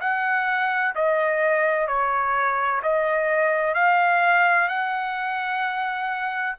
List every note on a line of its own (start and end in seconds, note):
0.00 0.94 F#5
0.95 1.87 D#5
1.87 2.81 C#5
2.83 3.74 D#5
3.74 4.68 F5
4.68 6.56 F#5